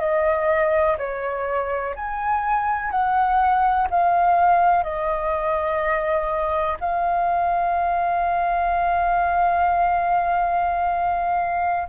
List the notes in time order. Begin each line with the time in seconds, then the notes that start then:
0.00 D#5
0.98 C#5
1.95 G#5
2.91 F#5
3.90 F5
4.83 D#5
6.80 F5